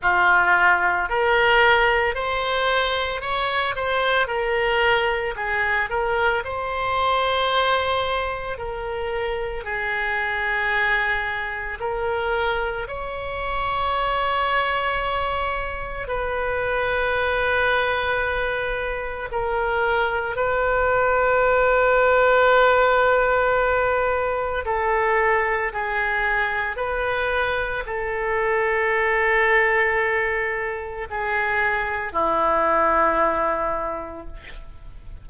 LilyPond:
\new Staff \with { instrumentName = "oboe" } { \time 4/4 \tempo 4 = 56 f'4 ais'4 c''4 cis''8 c''8 | ais'4 gis'8 ais'8 c''2 | ais'4 gis'2 ais'4 | cis''2. b'4~ |
b'2 ais'4 b'4~ | b'2. a'4 | gis'4 b'4 a'2~ | a'4 gis'4 e'2 | }